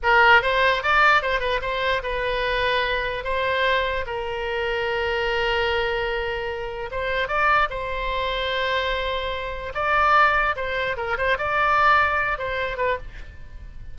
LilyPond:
\new Staff \with { instrumentName = "oboe" } { \time 4/4 \tempo 4 = 148 ais'4 c''4 d''4 c''8 b'8 | c''4 b'2. | c''2 ais'2~ | ais'1~ |
ais'4 c''4 d''4 c''4~ | c''1 | d''2 c''4 ais'8 c''8 | d''2~ d''8 c''4 b'8 | }